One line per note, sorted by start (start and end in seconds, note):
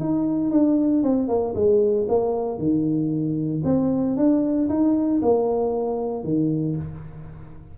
0.00 0.51 D#4
0.51 1.03 D4
1.03 1.28 C4
1.28 1.54 A#3
1.55 2.07 G#3
2.09 2.58 A#3
2.58 3.63 D#3
3.65 4.16 C4
4.16 4.69 D4
4.69 5.21 D#4
5.22 6.24 A#3
6.24 6.76 D#3